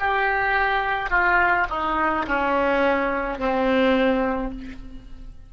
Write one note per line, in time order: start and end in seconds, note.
0.00 1.10 G4
1.10 1.67 F4
1.70 2.26 D#4
2.27 3.39 C#4
3.39 4.52 C4